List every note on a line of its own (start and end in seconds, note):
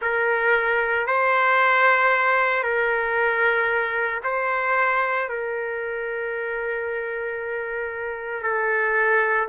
0.01 1.06 A#4
1.06 2.63 C5
2.63 4.21 A#4
4.23 5.28 C5
5.28 8.43 A#4
8.43 9.48 A4